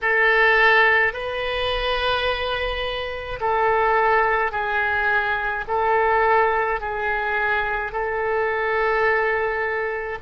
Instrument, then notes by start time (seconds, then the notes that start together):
oboe
0.01 A4
1.13 B4
3.40 A4
4.51 G#4
5.67 A4
6.80 G#4
7.92 A4